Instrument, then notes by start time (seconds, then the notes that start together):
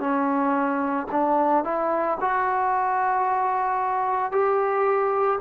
trombone
0.00 C#4
1.12 D4
1.64 E4
2.21 F#4
4.32 G4